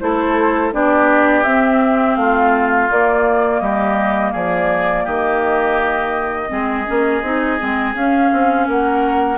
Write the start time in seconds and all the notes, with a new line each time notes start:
0.00 A3 E4 A4 C5
0.72 B3 D4 G4 D5
1.44 C4 E5
2.16 A3 F4 F5
2.91 A#3 D5
3.60 G3 G4 D#5
4.32 F3 G#4 D5
5.04 D#3 G4 D#5
6.49 G#3 C4 G#4
6.86 A#3 C#4
7.22 C4 D#4
7.59 G#3 C4
7.94 C#4 F5
8.33 C4
8.68 A#3 A#4 F#5